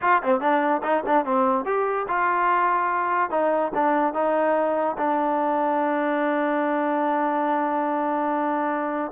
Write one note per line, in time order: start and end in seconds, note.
0.01 0.22 F4
0.22 0.40 C4
0.40 0.81 D4
0.83 1.03 D#4
1.06 1.25 D4
1.25 1.65 C4
1.65 2.06 G4
2.08 3.30 F4
3.30 3.71 D#4
3.74 4.13 D4
4.13 4.96 D#4
4.97 9.11 D4